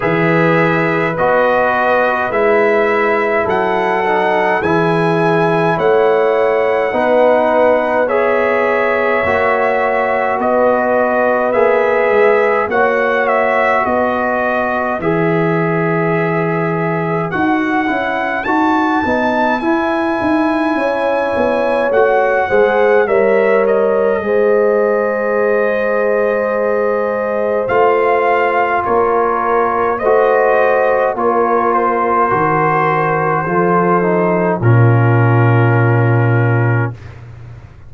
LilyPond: <<
  \new Staff \with { instrumentName = "trumpet" } { \time 4/4 \tempo 4 = 52 e''4 dis''4 e''4 fis''4 | gis''4 fis''2 e''4~ | e''4 dis''4 e''4 fis''8 e''8 | dis''4 e''2 fis''4 |
a''4 gis''2 fis''4 | e''8 dis''2.~ dis''8 | f''4 cis''4 dis''4 cis''8 c''8~ | c''2 ais'2 | }
  \new Staff \with { instrumentName = "horn" } { \time 4/4 b'2. a'4 | gis'4 cis''4 b'4 cis''4~ | cis''4 b'2 cis''4 | b'1~ |
b'2 cis''4. c''8 | cis''4 c''2.~ | c''4 ais'4 c''4 ais'4~ | ais'4 a'4 f'2 | }
  \new Staff \with { instrumentName = "trombone" } { \time 4/4 gis'4 fis'4 e'4. dis'8 | e'2 dis'4 gis'4 | fis'2 gis'4 fis'4~ | fis'4 gis'2 fis'8 e'8 |
fis'8 dis'8 e'2 fis'8 gis'8 | ais'4 gis'2. | f'2 fis'4 f'4 | fis'4 f'8 dis'8 cis'2 | }
  \new Staff \with { instrumentName = "tuba" } { \time 4/4 e4 b4 gis4 fis4 | e4 a4 b2 | ais4 b4 ais8 gis8 ais4 | b4 e2 dis'8 cis'8 |
dis'8 b8 e'8 dis'8 cis'8 b8 a8 gis8 | g4 gis2. | a4 ais4 a4 ais4 | dis4 f4 ais,2 | }
>>